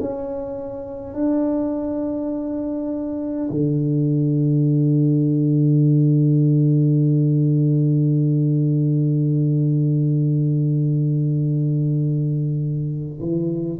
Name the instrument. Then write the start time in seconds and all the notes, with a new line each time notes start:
tuba
0.00 C#4
1.14 D4
3.51 D3
13.20 E3